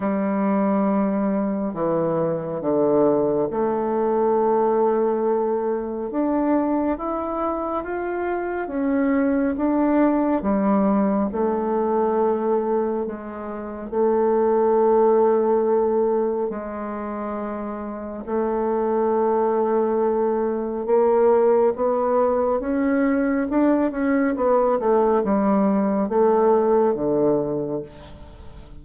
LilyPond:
\new Staff \with { instrumentName = "bassoon" } { \time 4/4 \tempo 4 = 69 g2 e4 d4 | a2. d'4 | e'4 f'4 cis'4 d'4 | g4 a2 gis4 |
a2. gis4~ | gis4 a2. | ais4 b4 cis'4 d'8 cis'8 | b8 a8 g4 a4 d4 | }